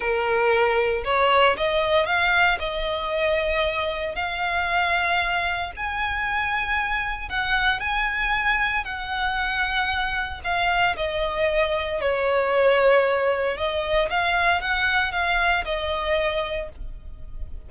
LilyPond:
\new Staff \with { instrumentName = "violin" } { \time 4/4 \tempo 4 = 115 ais'2 cis''4 dis''4 | f''4 dis''2. | f''2. gis''4~ | gis''2 fis''4 gis''4~ |
gis''4 fis''2. | f''4 dis''2 cis''4~ | cis''2 dis''4 f''4 | fis''4 f''4 dis''2 | }